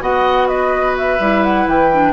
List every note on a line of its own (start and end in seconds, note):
0.00 1.19 B3
0.00 1.18 F#4
0.00 0.48 D#5
0.00 0.48 F#5
0.48 2.12 B4
0.48 0.95 D#5
0.98 1.44 E5
1.19 1.66 G3
1.19 1.91 E4
1.44 1.68 F#5
1.66 2.12 E3
1.66 2.12 G5
1.92 2.12 D4